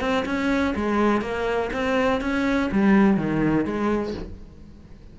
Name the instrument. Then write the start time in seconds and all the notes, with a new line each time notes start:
cello
0.00 C4
0.25 C#4
0.75 G#3
1.21 A#3
1.73 C4
2.21 C#4
2.72 G3
3.17 D#3
3.65 G#3